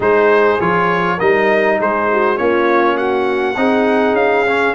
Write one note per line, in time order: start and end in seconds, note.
0.00 0.57 G#3
0.00 0.59 D#4
0.00 1.17 G#4
0.00 0.61 C5
0.60 1.19 F3
0.60 1.19 F4
0.60 1.19 C#5
1.17 1.80 G3
1.17 2.36 D#4
1.17 1.76 A#4
1.17 1.79 D#5
1.80 2.39 G#3
1.80 2.09 G#4
1.80 2.37 C5
2.13 2.38 F#4
2.36 3.56 A#3
2.36 3.55 C#4
2.36 2.96 F4
2.36 2.97 C#5
2.96 3.56 F#4
2.96 4.15 F#5
3.56 4.12 C4
3.56 4.46 D#4
3.56 4.74 G#4
4.12 4.72 C#4
4.12 4.74 F5
4.46 4.74 C#4